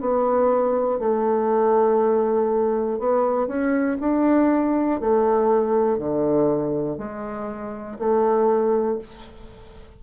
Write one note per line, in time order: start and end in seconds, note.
0.00 1.00 B3
1.00 2.99 A3
2.99 3.47 B3
3.47 3.97 C#4
4.00 5.00 D4
5.00 5.99 A3
5.99 6.98 D3
6.98 7.98 G#3
7.99 8.99 A3